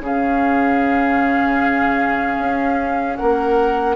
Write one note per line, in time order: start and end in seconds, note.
0.00 2.37 C#3
0.00 3.96 C#4
0.00 3.19 G#4
0.00 3.16 F5
2.38 3.17 C#4
3.16 3.96 A#3
3.16 3.96 A#4
3.16 3.95 F#5